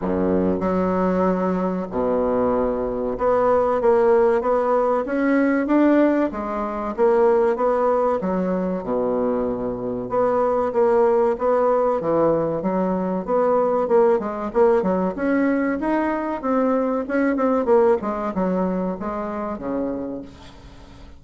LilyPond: \new Staff \with { instrumentName = "bassoon" } { \time 4/4 \tempo 4 = 95 fis,4 fis2 b,4~ | b,4 b4 ais4 b4 | cis'4 d'4 gis4 ais4 | b4 fis4 b,2 |
b4 ais4 b4 e4 | fis4 b4 ais8 gis8 ais8 fis8 | cis'4 dis'4 c'4 cis'8 c'8 | ais8 gis8 fis4 gis4 cis4 | }